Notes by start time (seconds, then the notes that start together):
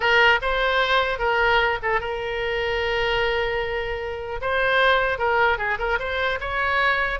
0.00 A#4
0.41 C5
1.18 A#4
1.82 A4
2.00 A#4
4.41 C5
5.18 A#4
5.58 G#4
5.79 A#4
5.99 C5
6.40 C#5